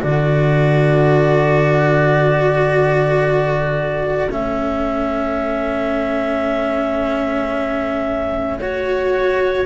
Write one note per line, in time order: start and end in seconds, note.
0.00 4.30 D3
0.00 4.29 F#4
0.00 9.65 A4
0.00 4.30 D5
4.30 9.65 A3
4.30 8.59 C#4
4.30 8.59 E5
8.59 9.65 F#4
8.59 9.65 C#5